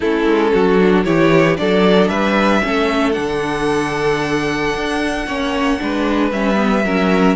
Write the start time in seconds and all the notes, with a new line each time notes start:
0.00 A3 C#4 E4 A4
0.25 G#3
0.53 F#3 F#4
0.79 D4
1.04 E3 E4 G4 C#5
1.57 F#3 D4 A4 D5
2.08 G3 B4 E5
2.62 A3 C#4 A4
3.12 D3 D4 F#5
4.75 D4
5.26 A#3 C#4 C#5
5.78 G#3 D4 B4
6.31 G3 C#4 E5
6.55 B3
6.84 F#3 C#4 A#4